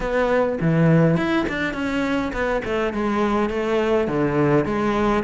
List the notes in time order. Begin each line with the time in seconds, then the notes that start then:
0.00 B3
0.61 E3
1.16 E4
1.49 D4
1.73 C#4
2.32 B3
2.65 A3
2.93 G#3
3.49 A3
4.07 D3
4.65 G#3